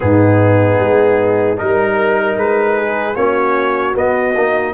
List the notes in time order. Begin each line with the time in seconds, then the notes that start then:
0.00 G#2 B3 D#4 G#4
0.79 G#3
1.57 G3 D#4 A#4
2.36 G#3 B4
2.77 G#4
3.15 A#3 C#4 F#4 C#5
3.95 B3 D#5
4.35 A#3 D#4